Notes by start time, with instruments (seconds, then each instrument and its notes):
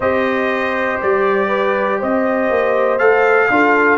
0.00 tuba C4, trombone G4, horn C5, trumpet D#5
1.01 tuba G3, trumpet D5
1.48 horn B4
1.99 tuba C4, horn C5, trumpet D#5
2.50 tuba A#3
2.98 tuba A3, trombone A4, trumpet F5
3.50 tuba D4, trombone F4, horn A4